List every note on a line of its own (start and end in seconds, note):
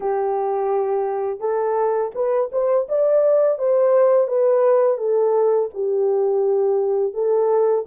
0.00 1.40 G4
1.40 2.11 A4
2.14 2.50 B4
2.52 2.87 C5
2.88 3.58 D5
3.58 4.27 C5
4.27 4.97 B4
4.97 5.69 A4
5.73 7.13 G4
7.13 7.84 A4